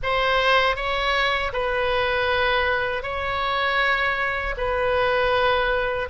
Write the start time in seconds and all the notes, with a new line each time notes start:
0.02 C5
0.76 C#5
1.52 B4
3.02 C#5
4.57 B4